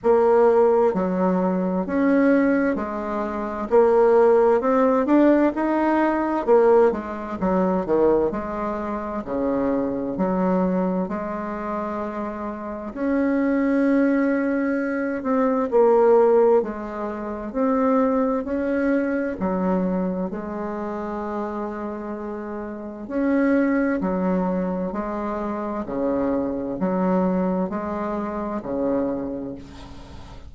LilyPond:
\new Staff \with { instrumentName = "bassoon" } { \time 4/4 \tempo 4 = 65 ais4 fis4 cis'4 gis4 | ais4 c'8 d'8 dis'4 ais8 gis8 | fis8 dis8 gis4 cis4 fis4 | gis2 cis'2~ |
cis'8 c'8 ais4 gis4 c'4 | cis'4 fis4 gis2~ | gis4 cis'4 fis4 gis4 | cis4 fis4 gis4 cis4 | }